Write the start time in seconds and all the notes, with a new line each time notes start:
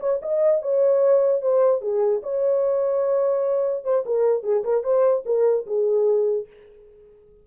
0.00 C#5
0.22 D#5
0.62 C#5
1.42 C5
1.81 G#4
2.23 C#5
3.84 C5
4.06 A#4
4.43 G#4
4.64 A#4
4.84 C5
5.26 A#4
5.67 G#4